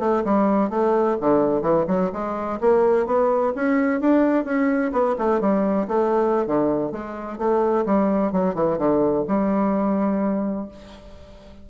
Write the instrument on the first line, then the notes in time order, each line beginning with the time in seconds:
bassoon
0.00 A3
0.25 G3
0.70 A3
1.21 D3
1.62 E3
1.88 F#3
2.13 G#3
2.61 A#3
3.07 B3
3.56 C#4
4.01 D4
4.45 C#4
4.93 B3
5.19 A3
5.41 G3
5.88 A3
6.47 D3
6.92 G#3
7.38 A3
7.86 G3
8.33 F#3
8.55 E3
8.79 D3
9.28 G3